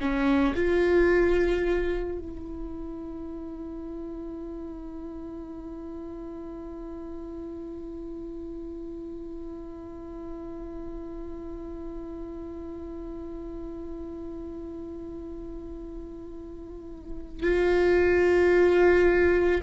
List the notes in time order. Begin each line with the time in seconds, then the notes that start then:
0.00 C#4
0.55 F4
2.18 E4
17.42 F4